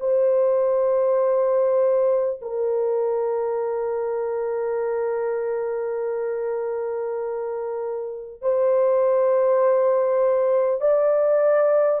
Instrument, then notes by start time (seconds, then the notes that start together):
horn
0.00 C5
2.41 A#4
8.41 C5
10.81 D5